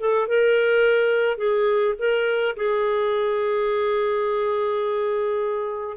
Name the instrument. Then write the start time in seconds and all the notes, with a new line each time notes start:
clarinet
0.00 A4
0.28 A#4
1.38 G#4
1.99 A#4
2.57 G#4